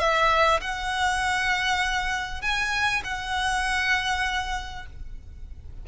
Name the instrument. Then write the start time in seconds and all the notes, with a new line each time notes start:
violin
0.00 E5
0.61 F#5
2.42 G#5
3.04 F#5